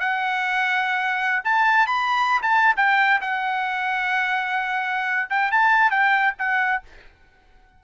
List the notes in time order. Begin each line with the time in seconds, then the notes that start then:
0.00 F#5
1.44 A5
1.87 B5
2.42 A5
2.77 G5
3.21 F#5
5.30 G5
5.52 A5
5.91 G5
6.39 F#5